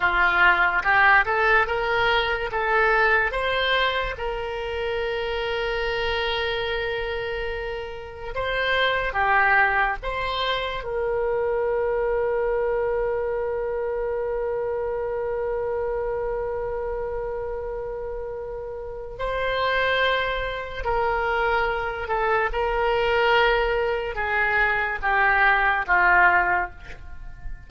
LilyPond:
\new Staff \with { instrumentName = "oboe" } { \time 4/4 \tempo 4 = 72 f'4 g'8 a'8 ais'4 a'4 | c''4 ais'2.~ | ais'2 c''4 g'4 | c''4 ais'2.~ |
ais'1~ | ais'2. c''4~ | c''4 ais'4. a'8 ais'4~ | ais'4 gis'4 g'4 f'4 | }